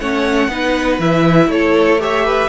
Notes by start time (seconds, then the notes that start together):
0.00 A3 C#4 C#5 F#5
0.48 B3 D#4 B4
0.99 E3 E4 E5
1.48 A3 A4 C#5
2.00 G4 C#5 E5
2.25 B4